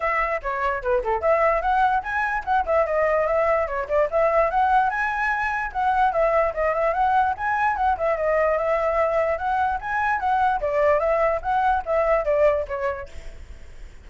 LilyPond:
\new Staff \with { instrumentName = "flute" } { \time 4/4 \tempo 4 = 147 e''4 cis''4 b'8 a'8 e''4 | fis''4 gis''4 fis''8 e''8 dis''4 | e''4 cis''8 d''8 e''4 fis''4 | gis''2 fis''4 e''4 |
dis''8 e''8 fis''4 gis''4 fis''8 e''8 | dis''4 e''2 fis''4 | gis''4 fis''4 d''4 e''4 | fis''4 e''4 d''4 cis''4 | }